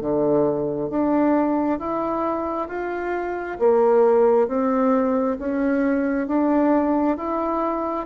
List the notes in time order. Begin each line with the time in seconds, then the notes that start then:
0.00 D3
0.90 D4
1.79 E4
2.68 F4
3.59 A#3
4.47 C4
5.39 C#4
6.27 D4
7.16 E4